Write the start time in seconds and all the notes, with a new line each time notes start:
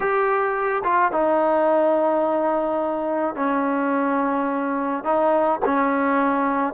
0.00 G4
0.84 F4
1.12 D#4
3.35 C#4
5.03 D#4
5.65 C#4